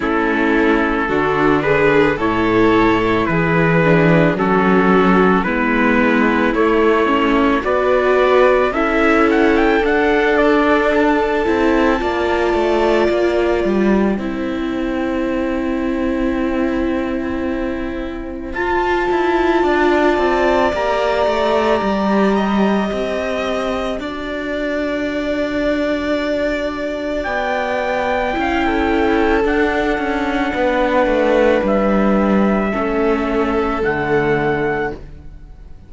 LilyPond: <<
  \new Staff \with { instrumentName = "trumpet" } { \time 4/4 \tempo 4 = 55 a'4. b'8 cis''4 b'4 | a'4 b'4 cis''4 d''4 | e''8 fis''16 g''16 fis''8 d''8 a''2 | g''1~ |
g''4 a''2 ais''4~ | ais''4 a''2.~ | a''4 g''2 fis''4~ | fis''4 e''2 fis''4 | }
  \new Staff \with { instrumentName = "violin" } { \time 4/4 e'4 fis'8 gis'8 a'4 gis'4 | fis'4 e'2 b'4 | a'2. d''4~ | d''4 c''2.~ |
c''2 d''2~ | d''8 dis''4. d''2~ | d''2 f''16 a'4.~ a'16 | b'2 a'2 | }
  \new Staff \with { instrumentName = "viola" } { \time 4/4 cis'4 d'4 e'4. d'8 | cis'4 b4 a8 cis'8 fis'4 | e'4 d'4. e'8 f'4~ | f'4 e'2.~ |
e'4 f'2 g'4~ | g'2 fis'2~ | fis'2 e'4 d'4~ | d'2 cis'4 a4 | }
  \new Staff \with { instrumentName = "cello" } { \time 4/4 a4 d4 a,4 e4 | fis4 gis4 a4 b4 | cis'4 d'4. c'8 ais8 a8 | ais8 g8 c'2.~ |
c'4 f'8 e'8 d'8 c'8 ais8 a8 | g4 c'4 d'2~ | d'4 b4 cis'4 d'8 cis'8 | b8 a8 g4 a4 d4 | }
>>